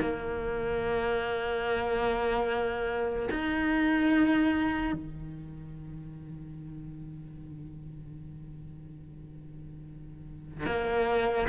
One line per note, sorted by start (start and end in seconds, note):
0.00 3.29 A#3
3.30 4.93 D#4
4.93 10.66 D#3
10.66 11.48 A#3